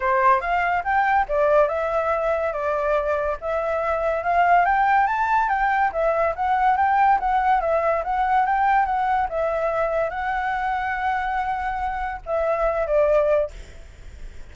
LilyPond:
\new Staff \with { instrumentName = "flute" } { \time 4/4 \tempo 4 = 142 c''4 f''4 g''4 d''4 | e''2 d''2 | e''2 f''4 g''4 | a''4 g''4 e''4 fis''4 |
g''4 fis''4 e''4 fis''4 | g''4 fis''4 e''2 | fis''1~ | fis''4 e''4. d''4. | }